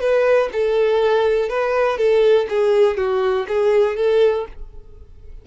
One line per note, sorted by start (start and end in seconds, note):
0.00 0.49 B4
0.53 1.49 A4
1.49 1.98 B4
1.98 2.47 A4
2.49 2.97 G#4
2.97 3.46 F#4
3.48 3.97 G#4
3.97 4.46 A4